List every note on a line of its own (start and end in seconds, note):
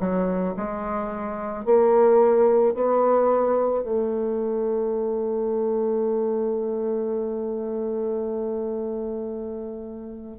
0.00 0.55 F#3
0.57 1.65 G#3
1.65 2.74 A#3
2.74 3.83 B3
3.83 10.38 A3